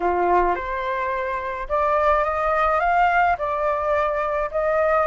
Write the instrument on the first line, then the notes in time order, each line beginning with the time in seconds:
flute
0.00 F4
0.55 C5
1.68 D5
2.24 D#5
2.80 F5
3.38 D5
4.51 D#5